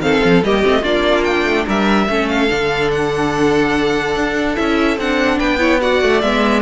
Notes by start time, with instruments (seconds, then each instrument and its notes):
0.00 cello D#3, viola C4, violin A4 F5
0.24 cello F3
0.43 cello G3, viola A#3, violin G4 D#5
0.62 cello A3, viola C4
0.81 cello A#3, viola D4, violin F4 D5
1.24 violin G5
1.45 cello A3
1.65 cello G3, violin A#4 E5
2.09 cello A3, viola C#4, violin A4
2.29 violin F5
2.49 cello D3, viola D4
2.91 violin F#5
4.16 cello D4
4.56 cello C#4, viola E4, violin E5
4.98 cello C4, viola D4, violin F#5
5.38 cello B3, violin B4 G5
5.59 viola E4, violin C#5
5.80 viola F#4, violin D5 F#5
6.02 cello A3
6.21 cello G#3, viola B3, violin E5